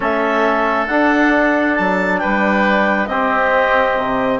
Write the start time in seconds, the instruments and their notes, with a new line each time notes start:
0.00 bassoon A3, trombone C#4, oboe A4, clarinet E5
0.87 trombone D4, bassoon D4, clarinet F#5
1.75 bassoon F#3, clarinet A5
2.18 bassoon G3, oboe B4, clarinet G5
3.06 bassoon C4, trombone C4, oboe G4, clarinet D#5
3.97 bassoon C3